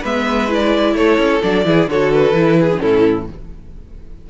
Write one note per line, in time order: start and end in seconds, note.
0.00 0.94 G#3
0.00 0.48 B3
0.00 0.92 B4
0.00 0.51 E5
0.48 1.41 E4
0.48 0.95 D5
0.94 1.17 A3
0.94 1.66 A4
0.94 1.42 C#5
1.18 1.41 C#4
1.42 1.65 F#3
1.42 1.65 D4
1.42 1.89 D5
1.65 1.87 E3
1.65 1.88 E4
1.65 1.90 G#4
1.87 2.31 D3
1.87 2.33 F#4
1.87 2.59 A4
1.87 2.12 C#5
2.12 2.80 B4
2.31 2.78 E3
2.31 2.68 E4
2.60 2.82 G#4
2.72 3.23 C#4
2.72 2.76 D4
2.80 3.29 A2
2.80 3.28 E4
2.80 3.26 A4